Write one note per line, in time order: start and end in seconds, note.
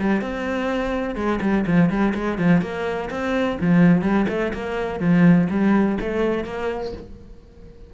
0.00 0.22 G3
0.22 1.16 C4
1.16 1.40 G#3
1.42 1.66 G3
1.67 1.90 F3
1.90 2.14 G3
2.15 2.38 G#3
2.38 2.62 F3
2.62 3.10 A#3
3.11 3.59 C4
3.61 4.02 F3
4.02 4.26 G3
4.29 4.53 A3
4.54 5.00 A#3
5.00 5.48 F3
5.51 5.99 G3
6.01 6.45 A3
6.45 6.93 A#3